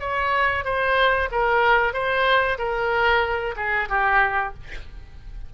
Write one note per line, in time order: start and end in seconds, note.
0.00 0.65 C#5
0.65 1.29 C5
1.31 1.93 A#4
1.93 2.58 C5
2.58 3.55 A#4
3.56 3.89 G#4
3.89 4.54 G4